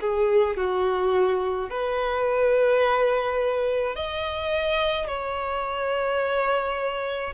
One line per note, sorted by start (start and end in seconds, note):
0.00 0.56 G#4
0.56 1.69 F#4
1.70 3.95 B4
3.95 5.07 D#5
5.07 7.33 C#5